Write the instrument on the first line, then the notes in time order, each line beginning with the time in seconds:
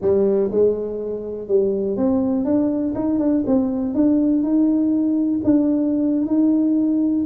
tuba
0.01 G3
0.51 G#3
1.48 G3
1.96 C4
2.44 D4
2.95 D#4
3.19 D4
3.46 C4
3.94 D4
4.42 D#4
5.43 D4
6.26 D#4